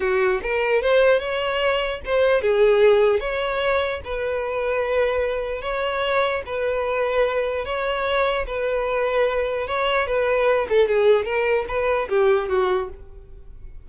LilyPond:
\new Staff \with { instrumentName = "violin" } { \time 4/4 \tempo 4 = 149 fis'4 ais'4 c''4 cis''4~ | cis''4 c''4 gis'2 | cis''2 b'2~ | b'2 cis''2 |
b'2. cis''4~ | cis''4 b'2. | cis''4 b'4. a'8 gis'4 | ais'4 b'4 g'4 fis'4 | }